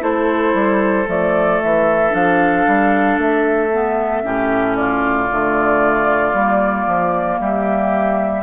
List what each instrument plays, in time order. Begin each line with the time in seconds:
0.00 bassoon A3, clarinet E4, oboe A4, flute C5
0.54 bassoon G3
1.06 bassoon F3, clarinet A3, flute D5
1.62 bassoon E3, flute E5
2.10 bassoon F3, clarinet D4, flute F5
2.67 bassoon G3
3.18 bassoon A3, flute E5
3.72 clarinet B3
4.23 bassoon A2, clarinet C#4, oboe G4
4.76 oboe F4, flute D5
5.30 bassoon D3, clarinet A3
6.33 bassoon G3, clarinet A#3
6.86 bassoon F3
7.39 bassoon G3, oboe G4, flute E5